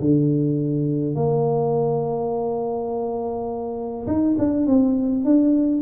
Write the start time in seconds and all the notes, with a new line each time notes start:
0.00 D3
1.15 A#3
4.07 D#4
4.38 D4
4.66 C4
5.24 D4